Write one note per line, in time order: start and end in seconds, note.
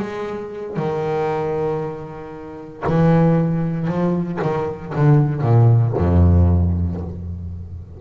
0.00 0.77 G#3
0.77 2.84 D#3
2.87 3.88 E3
3.88 4.40 F3
4.42 4.94 D#3
4.95 5.42 D3
5.42 5.93 A#2
5.98 7.01 F2